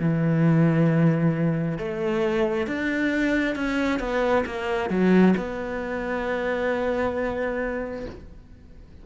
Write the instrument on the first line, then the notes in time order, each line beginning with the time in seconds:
cello
0.00 E3
1.79 A3
2.67 D4
3.56 C#4
4.00 B3
4.46 A#3
4.90 F#3
5.37 B3